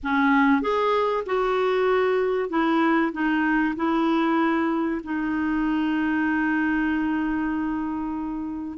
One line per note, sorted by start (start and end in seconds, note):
0.03 0.61 C#4
0.61 1.24 G#4
1.26 2.49 F#4
2.49 3.12 E4
3.12 3.74 D#4
3.76 5.01 E4
5.03 8.78 D#4